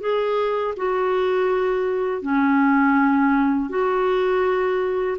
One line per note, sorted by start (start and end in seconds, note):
0.00 0.74 G#4
0.76 2.22 F#4
2.22 3.69 C#4
3.69 5.17 F#4